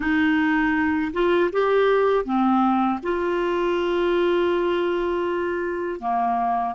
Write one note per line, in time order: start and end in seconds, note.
0.00 1.11 D#4
1.12 1.50 F4
1.52 2.24 G4
2.24 2.99 C4
3.02 6.00 F4
6.00 6.74 A#3